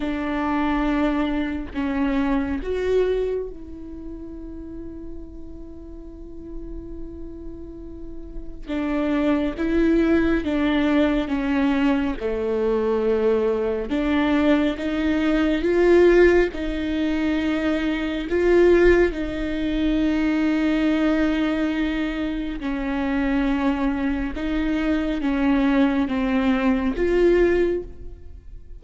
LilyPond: \new Staff \with { instrumentName = "viola" } { \time 4/4 \tempo 4 = 69 d'2 cis'4 fis'4 | e'1~ | e'2 d'4 e'4 | d'4 cis'4 a2 |
d'4 dis'4 f'4 dis'4~ | dis'4 f'4 dis'2~ | dis'2 cis'2 | dis'4 cis'4 c'4 f'4 | }